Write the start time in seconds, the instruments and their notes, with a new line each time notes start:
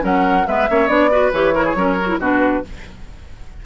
0.00 bassoon F#3, clarinet C#4, oboe A#4, flute F#5
0.47 bassoon G#3, clarinet B3, oboe B4, flute E5
0.70 bassoon A#3, clarinet C#4, oboe C#5
0.87 bassoon B3, clarinet D4, flute D5
1.10 clarinet F#4, oboe B4
1.32 bassoon E3, clarinet G4, flute C#5
1.54 clarinet E4, oboe A#4
1.65 oboe G#4
1.75 bassoon F#3, clarinet C#4, oboe A#4
2.01 clarinet F#4
2.08 clarinet E4
2.18 bassoon B2, clarinet D4, oboe F#4, flute B4